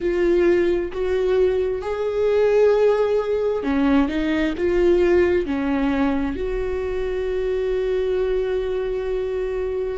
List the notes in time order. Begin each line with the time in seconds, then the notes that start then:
0.00 F4
0.92 F#4
1.81 G#4
3.63 C#4
4.08 D#4
4.57 F4
5.45 C#4
6.36 F#4